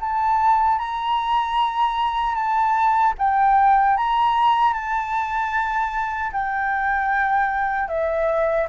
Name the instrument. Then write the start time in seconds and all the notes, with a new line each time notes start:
flute
0.00 A5
0.79 A#5
2.35 A5
3.18 G5
3.97 A#5
4.73 A5
6.32 G5
7.88 E5